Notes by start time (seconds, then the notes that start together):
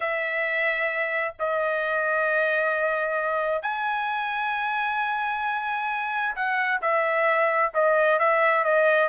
0.00 E5
1.39 D#5
3.62 G#5
6.35 F#5
6.81 E5
7.74 D#5
8.19 E5
8.64 D#5